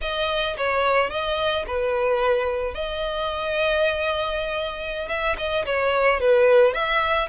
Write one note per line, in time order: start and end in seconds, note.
0.01 0.56 D#5
0.57 1.10 C#5
1.10 1.65 D#5
1.66 2.74 B4
2.74 5.08 D#5
5.08 5.35 E5
5.37 5.65 D#5
5.65 6.20 C#5
6.20 6.73 B4
6.73 7.28 E5